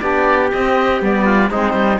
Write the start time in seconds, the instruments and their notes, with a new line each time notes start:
0.00 cello B3, saxophone D4, trumpet G4, oboe D5
0.53 cello C4, saxophone C4, oboe D#5
1.00 cello G3, saxophone B3, oboe D5
1.26 trumpet F4
1.51 cello G#3, saxophone C4, trumpet D#4, oboe C5
1.73 cello G3